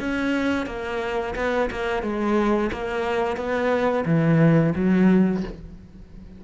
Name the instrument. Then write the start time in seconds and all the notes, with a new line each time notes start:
cello
0.00 C#4
0.66 A#3
1.36 B3
1.70 A#3
2.03 G#3
2.72 A#3
3.37 B3
4.05 E3
4.75 F#3